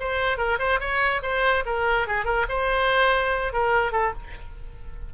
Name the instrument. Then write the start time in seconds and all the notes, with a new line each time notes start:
oboe
0.00 C5
0.38 A#4
0.59 C5
0.80 C#5
1.22 C5
1.66 A#4
2.07 G#4
2.25 A#4
2.49 C5
3.53 A#4
3.92 A4